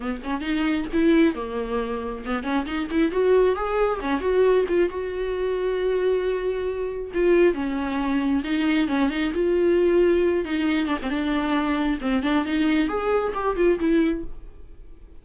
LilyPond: \new Staff \with { instrumentName = "viola" } { \time 4/4 \tempo 4 = 135 b8 cis'8 dis'4 e'4 ais4~ | ais4 b8 cis'8 dis'8 e'8 fis'4 | gis'4 cis'8 fis'4 f'8 fis'4~ | fis'1 |
f'4 cis'2 dis'4 | cis'8 dis'8 f'2~ f'8 dis'8~ | dis'8 d'16 c'16 d'2 c'8 d'8 | dis'4 gis'4 g'8 f'8 e'4 | }